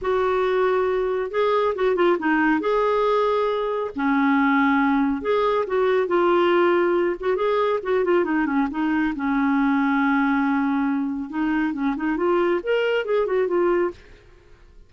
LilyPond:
\new Staff \with { instrumentName = "clarinet" } { \time 4/4 \tempo 4 = 138 fis'2. gis'4 | fis'8 f'8 dis'4 gis'2~ | gis'4 cis'2. | gis'4 fis'4 f'2~ |
f'8 fis'8 gis'4 fis'8 f'8 dis'8 cis'8 | dis'4 cis'2.~ | cis'2 dis'4 cis'8 dis'8 | f'4 ais'4 gis'8 fis'8 f'4 | }